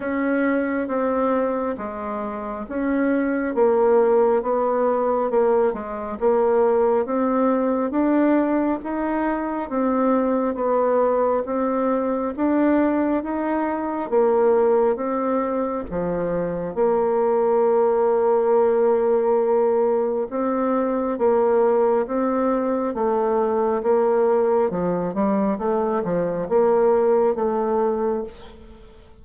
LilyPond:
\new Staff \with { instrumentName = "bassoon" } { \time 4/4 \tempo 4 = 68 cis'4 c'4 gis4 cis'4 | ais4 b4 ais8 gis8 ais4 | c'4 d'4 dis'4 c'4 | b4 c'4 d'4 dis'4 |
ais4 c'4 f4 ais4~ | ais2. c'4 | ais4 c'4 a4 ais4 | f8 g8 a8 f8 ais4 a4 | }